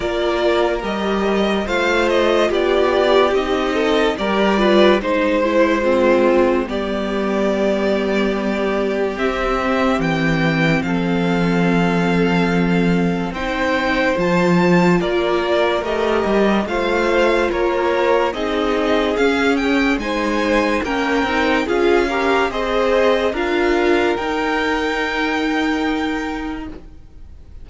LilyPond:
<<
  \new Staff \with { instrumentName = "violin" } { \time 4/4 \tempo 4 = 72 d''4 dis''4 f''8 dis''8 d''4 | dis''4 d''4 c''2 | d''2. e''4 | g''4 f''2. |
g''4 a''4 d''4 dis''4 | f''4 cis''4 dis''4 f''8 g''8 | gis''4 g''4 f''4 dis''4 | f''4 g''2. | }
  \new Staff \with { instrumentName = "violin" } { \time 4/4 ais'2 c''4 g'4~ | g'8 a'8 ais'8 b'8 c''4 c'4 | g'1~ | g'4 a'2. |
c''2 ais'2 | c''4 ais'4 gis'2 | c''4 ais'4 gis'8 ais'8 c''4 | ais'1 | }
  \new Staff \with { instrumentName = "viola" } { \time 4/4 f'4 g'4 f'2 | dis'4 g'8 f'8 dis'8 e'8 f'4 | b2. c'4~ | c'1 |
dis'4 f'2 g'4 | f'2 dis'4 cis'4 | dis'4 cis'8 dis'8 f'8 g'8 gis'4 | f'4 dis'2. | }
  \new Staff \with { instrumentName = "cello" } { \time 4/4 ais4 g4 a4 b4 | c'4 g4 gis2 | g2. c'4 | e4 f2. |
c'4 f4 ais4 a8 g8 | a4 ais4 c'4 cis'4 | gis4 ais8 c'8 cis'4 c'4 | d'4 dis'2. | }
>>